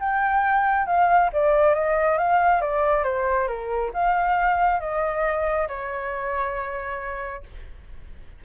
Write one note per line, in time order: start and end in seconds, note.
0.00 0.87 G5
0.87 1.31 F5
1.33 1.75 D5
1.75 2.19 D#5
2.19 2.62 F5
2.62 3.04 D5
3.04 3.48 C5
3.48 3.92 A#4
3.94 4.80 F5
4.80 5.68 D#5
5.68 7.44 C#5